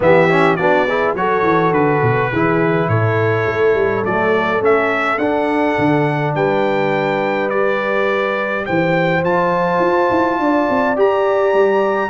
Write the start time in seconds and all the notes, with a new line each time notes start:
0.00 E3 B3 G4 E5
0.29 C#4
0.55 B3 D4 F#4 D5
0.87 E4 G#4
1.14 F#3 F#4 A4 C#5
1.42 E3
1.71 D3 B4
2.02 B2
2.32 E3 E4 G#4
2.88 A2 A4 C#5
3.46 A3
3.74 G3
4.04 F#3 A3 D5
4.59 A3 C#4 E5
5.17 D4 F#5
5.78 D3
6.34 G3 B4 G5
7.49 G4 D5
8.65 E3 C5 G5
9.23 F3 F4 A5
9.79 F4
10.10 E4
10.39 D4 D5
10.69 C4
10.95 G4 A#5
11.53 G3